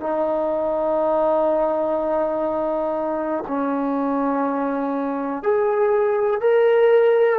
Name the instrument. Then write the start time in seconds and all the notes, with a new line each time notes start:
trombone
0.00 D#4
3.48 C#4
5.43 G#4
6.41 A#4